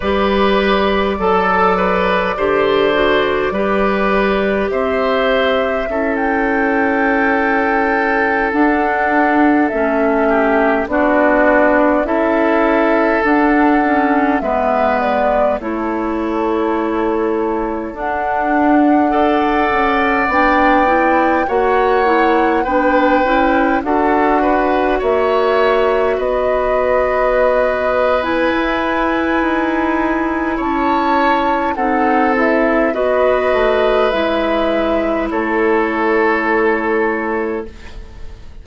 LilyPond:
<<
  \new Staff \with { instrumentName = "flute" } { \time 4/4 \tempo 4 = 51 d''1 | e''4~ e''16 g''2 fis''8.~ | fis''16 e''4 d''4 e''4 fis''8.~ | fis''16 e''8 d''8 cis''2 fis''8.~ |
fis''4~ fis''16 g''4 fis''4 g''8.~ | g''16 fis''4 e''4 dis''4.~ dis''16 | gis''2 a''4 fis''8 e''8 | dis''4 e''4 cis''2 | }
  \new Staff \with { instrumentName = "oboe" } { \time 4/4 b'4 a'8 b'8 c''4 b'4 | c''4 a'2.~ | a'8. g'8 fis'4 a'4.~ a'16~ | a'16 b'4 a'2~ a'8.~ |
a'16 d''2 cis''4 b'8.~ | b'16 a'8 b'8 cis''4 b'4.~ b'16~ | b'2 cis''4 a'4 | b'2 a'2 | }
  \new Staff \with { instrumentName = "clarinet" } { \time 4/4 g'4 a'4 g'8 fis'8 g'4~ | g'4 e'2~ e'16 d'8.~ | d'16 cis'4 d'4 e'4 d'8 cis'16~ | cis'16 b4 e'2 d'8.~ |
d'16 a'4 d'8 e'8 fis'8 e'8 d'8 e'16~ | e'16 fis'2.~ fis'8. | e'2. dis'8 e'8 | fis'4 e'2. | }
  \new Staff \with { instrumentName = "bassoon" } { \time 4/4 g4 fis4 d4 g4 | c'4 cis'2~ cis'16 d'8.~ | d'16 a4 b4 cis'4 d'8.~ | d'16 gis4 a2 d'8.~ |
d'8. cis'8 b4 ais4 b8 cis'16~ | cis'16 d'4 ais4 b4.~ b16~ | b16 e'8. dis'4 cis'4 c'4 | b8 a8 gis4 a2 | }
>>